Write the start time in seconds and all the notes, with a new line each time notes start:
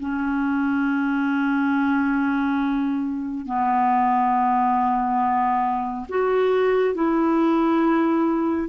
0.00 C#4
3.46 B3
6.09 F#4
6.95 E4